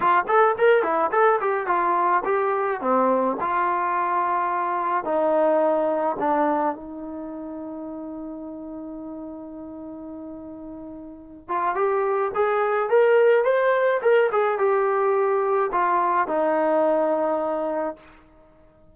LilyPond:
\new Staff \with { instrumentName = "trombone" } { \time 4/4 \tempo 4 = 107 f'8 a'8 ais'8 e'8 a'8 g'8 f'4 | g'4 c'4 f'2~ | f'4 dis'2 d'4 | dis'1~ |
dis'1~ | dis'8 f'8 g'4 gis'4 ais'4 | c''4 ais'8 gis'8 g'2 | f'4 dis'2. | }